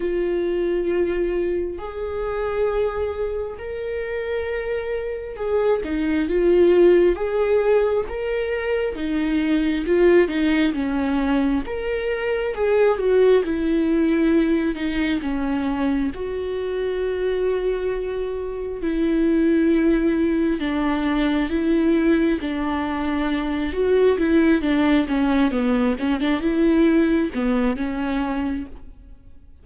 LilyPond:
\new Staff \with { instrumentName = "viola" } { \time 4/4 \tempo 4 = 67 f'2 gis'2 | ais'2 gis'8 dis'8 f'4 | gis'4 ais'4 dis'4 f'8 dis'8 | cis'4 ais'4 gis'8 fis'8 e'4~ |
e'8 dis'8 cis'4 fis'2~ | fis'4 e'2 d'4 | e'4 d'4. fis'8 e'8 d'8 | cis'8 b8 cis'16 d'16 e'4 b8 cis'4 | }